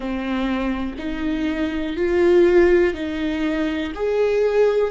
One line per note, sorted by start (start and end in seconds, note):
0.00 0.95 C4
0.97 1.96 D#4
1.96 2.94 F4
2.94 3.92 D#4
3.94 4.90 G#4